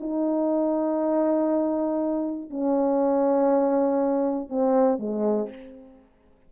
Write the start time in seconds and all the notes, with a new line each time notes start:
0.00 D#4
2.50 C#4
4.49 C4
4.99 G#3